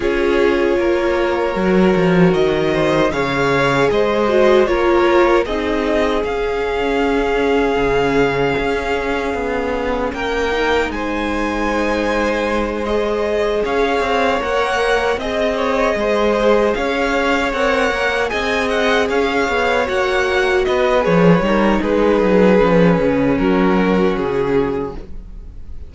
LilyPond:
<<
  \new Staff \with { instrumentName = "violin" } { \time 4/4 \tempo 4 = 77 cis''2. dis''4 | f''4 dis''4 cis''4 dis''4 | f''1~ | f''4 g''4 gis''2~ |
gis''8 dis''4 f''4 fis''4 dis''8~ | dis''4. f''4 fis''4 gis''8 | fis''8 f''4 fis''4 dis''8 cis''4 | b'2 ais'4 gis'4 | }
  \new Staff \with { instrumentName = "violin" } { \time 4/4 gis'4 ais'2~ ais'8 c''8 | cis''4 c''4 ais'4 gis'4~ | gis'1~ | gis'4 ais'4 c''2~ |
c''4. cis''2 dis''8 | cis''8 c''4 cis''2 dis''8~ | dis''8 cis''2 b'4 ais'8 | gis'2 fis'2 | }
  \new Staff \with { instrumentName = "viola" } { \time 4/4 f'2 fis'2 | gis'4. fis'8 f'4 dis'4 | cis'1~ | cis'4. dis'2~ dis'8~ |
dis'8 gis'2 ais'4 gis'8~ | gis'2~ gis'8 ais'4 gis'8~ | gis'4. fis'4. gis'8 dis'8~ | dis'4 cis'2. | }
  \new Staff \with { instrumentName = "cello" } { \time 4/4 cis'4 ais4 fis8 f8 dis4 | cis4 gis4 ais4 c'4 | cis'2 cis4 cis'4 | b4 ais4 gis2~ |
gis4. cis'8 c'8 ais4 c'8~ | c'8 gis4 cis'4 c'8 ais8 c'8~ | c'8 cis'8 b8 ais4 b8 f8 g8 | gis8 fis8 f8 cis8 fis4 cis4 | }
>>